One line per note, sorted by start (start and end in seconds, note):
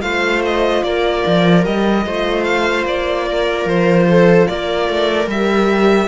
0.00 0.83 A3
0.00 1.62 F4
0.00 0.84 C5
0.00 0.41 F5
0.45 0.83 D#5
0.83 1.23 A#3
0.83 2.06 A#4
0.83 1.64 D5
1.26 1.66 F3
1.64 2.06 G3
1.64 2.05 G4
1.64 2.44 D#5
2.05 2.84 A3
2.05 5.29 F4
2.05 3.26 C5
2.44 2.84 F5
2.84 3.65 A#3
2.84 3.68 D5
3.26 4.07 A#4
3.65 4.46 F3
3.65 4.47 C5
4.09 4.48 A4
4.47 4.89 A#3
4.47 6.08 A#4
4.47 5.28 D5
4.89 5.27 A3
5.27 6.08 G3
5.27 6.08 G4
5.27 6.08 E5